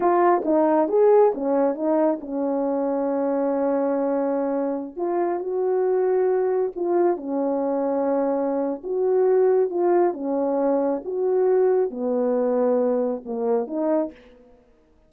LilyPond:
\new Staff \with { instrumentName = "horn" } { \time 4/4 \tempo 4 = 136 f'4 dis'4 gis'4 cis'4 | dis'4 cis'2.~ | cis'2.~ cis'16 f'8.~ | f'16 fis'2. f'8.~ |
f'16 cis'2.~ cis'8. | fis'2 f'4 cis'4~ | cis'4 fis'2 b4~ | b2 ais4 dis'4 | }